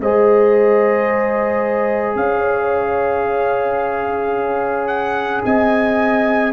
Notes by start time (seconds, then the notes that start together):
0.00 G#3 G#4 C5 D#5
2.16 C#4 C#5 F5
4.87 F#5
5.45 C4 D#5 G#5